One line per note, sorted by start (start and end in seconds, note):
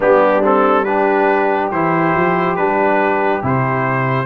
0.00 1.71 G3
0.00 0.41 B3
0.00 0.84 D4
0.00 0.44 G4
0.43 0.86 C4
0.43 0.84 A4
0.84 1.71 D4
0.84 4.26 G4
0.84 1.70 B4
1.71 2.14 E3
1.71 2.56 E4
1.71 2.56 C5
2.14 2.56 F3
2.56 3.42 G3
2.56 3.42 D4
2.56 3.41 B4
3.42 4.26 C3
3.42 4.26 E4
3.42 4.26 C5